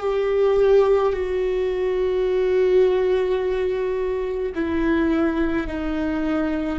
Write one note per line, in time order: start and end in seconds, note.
0.00 1.13 G4
1.13 4.52 F#4
4.55 5.67 E4
5.67 6.79 D#4